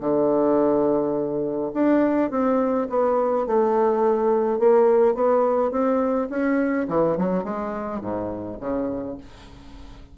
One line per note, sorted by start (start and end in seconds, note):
0.00 1.71 D3
1.74 2.30 D4
2.30 2.88 C4
2.89 3.46 B3
3.46 4.59 A3
4.59 5.15 A#3
5.15 5.71 B3
5.71 6.29 C4
6.30 6.87 C#4
6.88 7.17 E3
7.17 7.44 F#3
7.44 8.01 G#3
8.01 8.58 G#2
8.60 9.17 C#3